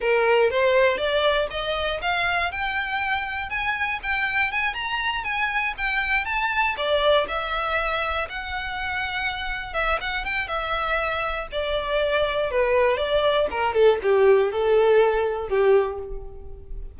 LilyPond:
\new Staff \with { instrumentName = "violin" } { \time 4/4 \tempo 4 = 120 ais'4 c''4 d''4 dis''4 | f''4 g''2 gis''4 | g''4 gis''8 ais''4 gis''4 g''8~ | g''8 a''4 d''4 e''4.~ |
e''8 fis''2. e''8 | fis''8 g''8 e''2 d''4~ | d''4 b'4 d''4 ais'8 a'8 | g'4 a'2 g'4 | }